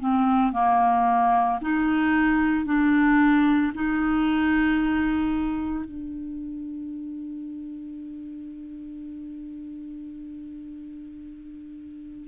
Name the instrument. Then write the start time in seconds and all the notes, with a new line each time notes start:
clarinet
0.00 C4
0.53 A#3
1.62 D#4
2.66 D4
3.75 D#4
5.85 D4